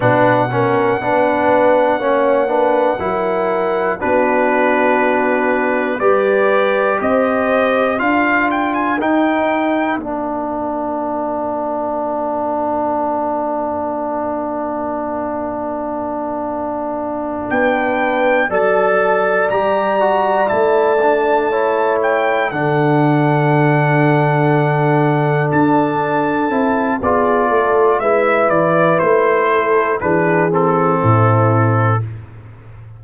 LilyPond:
<<
  \new Staff \with { instrumentName = "trumpet" } { \time 4/4 \tempo 4 = 60 fis''1 | b'2 d''4 dis''4 | f''8 g''16 gis''16 g''4 f''2~ | f''1~ |
f''4. g''4 a''4 ais''8~ | ais''8 a''4. g''8 fis''4.~ | fis''4. a''4. d''4 | e''8 d''8 c''4 b'8 a'4. | }
  \new Staff \with { instrumentName = "horn" } { \time 4/4 b'8 ais'8 b'4 cis''8 b'8 ais'4 | fis'2 b'4 c''4 | ais'1~ | ais'1~ |
ais'4. b'4 d''4.~ | d''4. cis''4 a'4.~ | a'2. gis'8 a'8 | b'4. a'8 gis'4 e'4 | }
  \new Staff \with { instrumentName = "trombone" } { \time 4/4 d'8 cis'8 d'4 cis'8 d'8 e'4 | d'2 g'2 | f'4 dis'4 d'2~ | d'1~ |
d'2~ d'8 a'4 g'8 | fis'8 e'8 d'8 e'4 d'4.~ | d'2~ d'8 e'8 f'4 | e'2 d'8 c'4. | }
  \new Staff \with { instrumentName = "tuba" } { \time 4/4 b,4 b4 ais4 fis4 | b2 g4 c'4 | d'4 dis'4 ais2~ | ais1~ |
ais4. b4 fis4 g8~ | g8 a2 d4.~ | d4. d'4 c'8 b8 a8 | gis8 e8 a4 e4 a,4 | }
>>